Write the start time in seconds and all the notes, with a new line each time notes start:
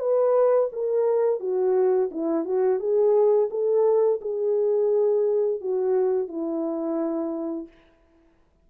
0.00 B4
0.73 A#4
1.40 F#4
2.12 E4
2.45 F#4
2.80 G#4
3.51 A4
4.21 G#4
5.61 F#4
6.29 E4